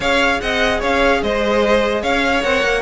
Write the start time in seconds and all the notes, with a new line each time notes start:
0.00 C#4 G#4 C#5 F5
0.40 C4 D#5 F#5
0.79 C#4 C#5 F5
1.22 G#3 C5 D#5
2.01 C#4 C#5 F5
2.42 C4 A#4 F#5
2.64 A#3